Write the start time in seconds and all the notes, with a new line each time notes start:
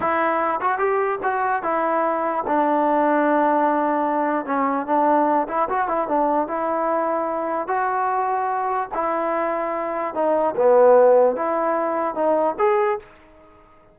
0.00 E4
0.61 F#4
0.78 G4
1.23 F#4
1.63 E4
2.47 D4
4.45 C#4
4.86 D4
5.48 E4
5.69 F#4
5.87 E4
6.08 D4
6.47 E4
7.67 F#4
8.94 E4
10.14 D#4
10.56 B3
11.36 E4
12.14 D#4
12.58 G#4